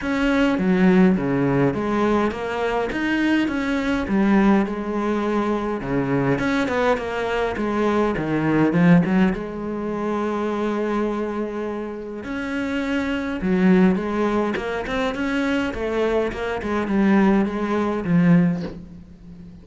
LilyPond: \new Staff \with { instrumentName = "cello" } { \time 4/4 \tempo 4 = 103 cis'4 fis4 cis4 gis4 | ais4 dis'4 cis'4 g4 | gis2 cis4 cis'8 b8 | ais4 gis4 dis4 f8 fis8 |
gis1~ | gis4 cis'2 fis4 | gis4 ais8 c'8 cis'4 a4 | ais8 gis8 g4 gis4 f4 | }